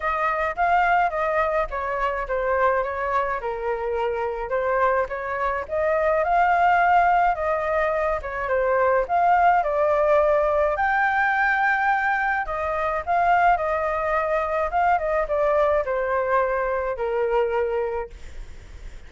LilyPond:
\new Staff \with { instrumentName = "flute" } { \time 4/4 \tempo 4 = 106 dis''4 f''4 dis''4 cis''4 | c''4 cis''4 ais'2 | c''4 cis''4 dis''4 f''4~ | f''4 dis''4. cis''8 c''4 |
f''4 d''2 g''4~ | g''2 dis''4 f''4 | dis''2 f''8 dis''8 d''4 | c''2 ais'2 | }